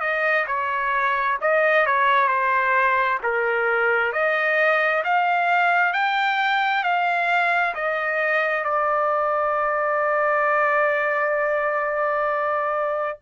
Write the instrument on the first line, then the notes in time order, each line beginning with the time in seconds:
trumpet
0.00 D#5
0.47 C#5
1.40 D#5
1.86 C#5
2.27 C5
3.23 A#4
4.12 D#5
5.04 F5
5.93 G5
6.83 F5
7.74 D#5
8.64 D5